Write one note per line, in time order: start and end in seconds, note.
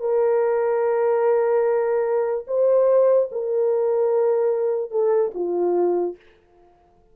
0.00 2.45 A#4
2.47 3.29 C5
3.31 4.91 A#4
4.91 5.32 A4
5.34 6.16 F4